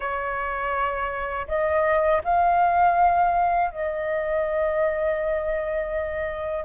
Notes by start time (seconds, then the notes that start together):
0.00 C#5
1.47 D#5
2.24 F5
3.70 D#5